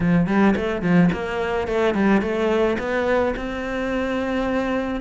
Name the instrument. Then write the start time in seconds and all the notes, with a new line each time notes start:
cello
0.00 F3
0.27 G3
0.56 A3
0.82 F3
1.12 A#3
1.67 A3
1.94 G3
2.21 A3
2.79 B3
3.36 C4